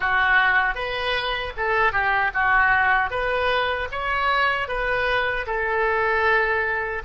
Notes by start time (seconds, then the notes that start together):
0.00 F#4
0.74 B4
1.56 A4
1.92 G4
2.34 F#4
3.10 B4
3.91 C#5
4.68 B4
5.46 A4